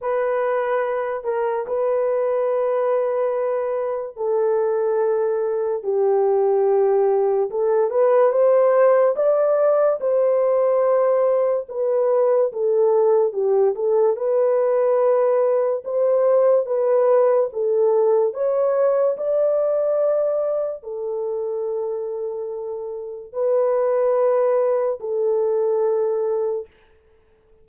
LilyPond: \new Staff \with { instrumentName = "horn" } { \time 4/4 \tempo 4 = 72 b'4. ais'8 b'2~ | b'4 a'2 g'4~ | g'4 a'8 b'8 c''4 d''4 | c''2 b'4 a'4 |
g'8 a'8 b'2 c''4 | b'4 a'4 cis''4 d''4~ | d''4 a'2. | b'2 a'2 | }